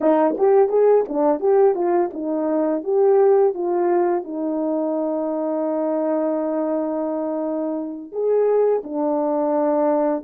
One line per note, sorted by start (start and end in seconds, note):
0.00 0.36 D#4
0.37 0.69 G4
0.69 1.04 G#4
1.08 1.40 D4
1.40 1.75 G4
1.75 2.10 F4
2.13 2.83 D#4
2.83 3.54 G4
3.54 4.24 F4
4.24 8.11 D#4
8.11 8.82 G#4
8.83 10.24 D4